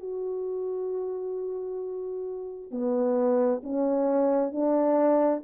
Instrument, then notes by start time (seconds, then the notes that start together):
horn
0.00 F#4
2.71 B3
3.63 C#4
4.52 D4